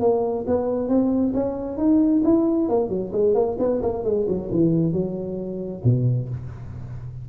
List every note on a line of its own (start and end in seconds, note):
0.00 0.45 A#3
0.47 0.89 B3
0.89 1.33 C4
1.34 1.77 C#4
1.77 2.22 D#4
2.24 2.69 E4
2.69 2.89 A#3
2.89 3.12 F#3
3.13 3.34 G#3
3.34 3.57 A#3
3.59 3.81 B3
3.82 4.04 A#3
4.04 4.26 G#3
4.28 4.50 F#3
4.51 4.93 E3
4.93 5.82 F#3
5.84 6.29 B2